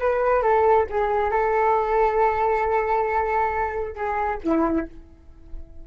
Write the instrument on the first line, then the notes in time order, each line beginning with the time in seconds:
flute
0.00 B4
0.43 A4
0.90 G#4
1.31 A4
3.96 G#4
4.44 E4